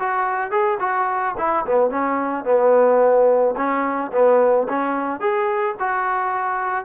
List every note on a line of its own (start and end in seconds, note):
0.00 0.51 F#4
0.51 0.79 G#4
0.80 1.35 F#4
1.38 1.66 E4
1.66 1.90 B3
1.90 2.45 C#4
2.45 3.55 B3
3.57 4.12 C#4
4.13 4.68 B3
4.69 5.21 C#4
5.21 5.76 G#4
5.80 6.85 F#4